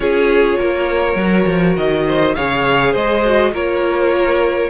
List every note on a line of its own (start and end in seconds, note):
0.00 0.56 C#4
0.00 1.18 F4
0.00 0.58 G#4
0.00 1.76 C#5
0.58 1.15 A#3
0.58 2.05 A#4
1.15 1.45 F#3
1.15 2.36 F#4
1.47 1.76 F3
1.76 2.35 D#3
1.76 2.35 D#5
2.06 2.35 C5
2.35 2.94 C#3
2.35 3.24 G#4
2.35 2.92 C#5
2.35 2.94 F5
2.92 3.52 G#3
2.92 3.50 C5
2.92 3.54 D#5
3.24 3.53 F#4
3.52 4.69 A#3
3.52 4.69 F4
3.52 4.69 A#4
3.52 4.69 C#5